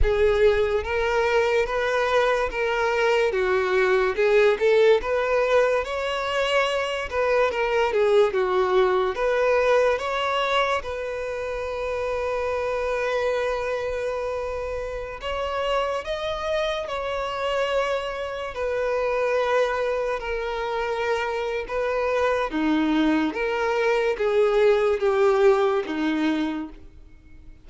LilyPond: \new Staff \with { instrumentName = "violin" } { \time 4/4 \tempo 4 = 72 gis'4 ais'4 b'4 ais'4 | fis'4 gis'8 a'8 b'4 cis''4~ | cis''8 b'8 ais'8 gis'8 fis'4 b'4 | cis''4 b'2.~ |
b'2~ b'16 cis''4 dis''8.~ | dis''16 cis''2 b'4.~ b'16~ | b'16 ais'4.~ ais'16 b'4 dis'4 | ais'4 gis'4 g'4 dis'4 | }